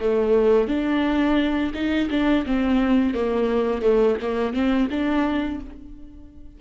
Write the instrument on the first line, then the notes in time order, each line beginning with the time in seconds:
viola
0.00 A3
0.68 D4
1.74 D#4
2.10 D4
2.46 C4
3.14 A#3
3.82 A3
4.21 A#3
4.53 C4
4.90 D4